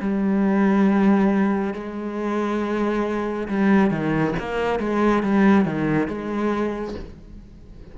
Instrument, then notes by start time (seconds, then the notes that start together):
cello
0.00 G3
1.74 G#3
3.48 G3
3.91 D#3
4.39 A#3
4.79 G#3
5.23 G3
5.64 D#3
6.08 G#3